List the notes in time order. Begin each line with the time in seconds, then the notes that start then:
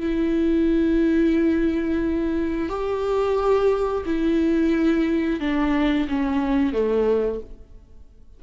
0.00 E4
2.69 G4
4.06 E4
5.40 D4
6.09 C#4
6.73 A3